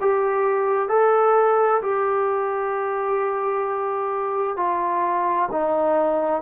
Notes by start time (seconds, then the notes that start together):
0.00 G4
0.89 A4
1.81 G4
4.56 F4
5.51 D#4